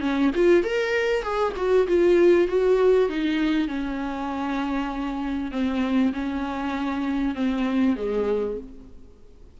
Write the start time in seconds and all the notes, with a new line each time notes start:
0.00 C#4
0.35 F4
0.64 A#4
1.22 G#4
1.56 F#4
1.87 F4
2.47 F#4
3.09 D#4
3.67 C#4
5.51 C4
6.13 C#4
7.34 C4
7.96 G#3